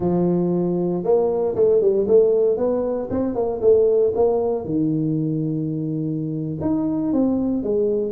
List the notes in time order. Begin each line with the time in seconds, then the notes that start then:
0.00 F3
1.03 A#3
1.55 A3
1.81 G3
2.07 A3
2.57 B3
3.10 C4
3.34 A#3
3.61 A3
4.15 A#3
4.64 D#3
6.61 D#4
7.12 C4
7.63 G#3